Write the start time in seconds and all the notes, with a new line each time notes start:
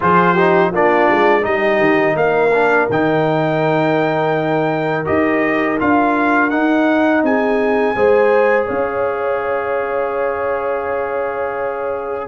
0.00 F3 F4 G#4 C5
0.33 D#4 G4
0.71 A#3 D4 F4 D5
1.10 G#3
1.41 G3 D#4 G4 D#5
1.79 D#3
2.15 A#3 A#4 F5
2.53 D4
2.89 D#3 D#4 G5
5.04 D#4 G4 D#5
5.79 D4 F4 F5
6.50 D#4 F#5
7.22 C4 G#4 G#5
7.96 G#3 G#4 C5
8.66 C#4 C#5 F5